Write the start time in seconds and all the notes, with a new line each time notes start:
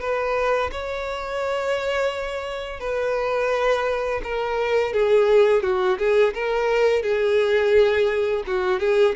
0.00 B4
0.72 C#5
2.80 B4
4.24 A#4
4.93 G#4
5.63 F#4
5.98 G#4
6.34 A#4
7.02 G#4
8.47 F#4
8.80 G#4